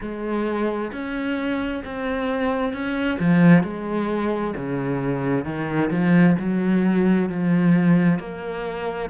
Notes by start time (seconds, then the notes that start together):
0.00 G#3
0.92 C#4
1.84 C4
2.73 C#4
3.19 F3
3.63 G#3
4.56 C#3
5.44 D#3
5.90 F3
6.39 F#3
7.29 F3
8.19 A#3